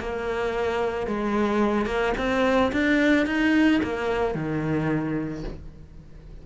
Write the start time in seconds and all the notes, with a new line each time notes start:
0.00 A#3
1.07 G#3
1.86 A#3
2.18 C4
2.73 D4
3.27 D#4
3.84 A#3
4.35 D#3